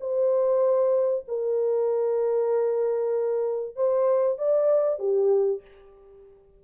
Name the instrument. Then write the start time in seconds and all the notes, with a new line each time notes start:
horn
0.00 C5
1.28 A#4
3.76 C5
4.38 D5
4.99 G4